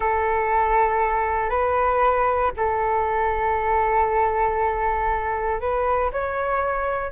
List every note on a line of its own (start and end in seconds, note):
0.00 1.49 A4
1.49 2.51 B4
2.57 5.60 A4
5.60 6.11 B4
6.12 7.11 C#5